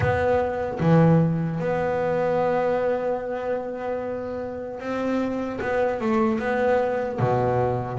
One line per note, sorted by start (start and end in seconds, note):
0.00 0.79 B3
0.80 1.60 E3
1.60 4.79 B3
4.79 5.59 C4
5.61 6.00 B3
6.00 6.39 A3
6.39 7.19 B3
7.19 7.99 B2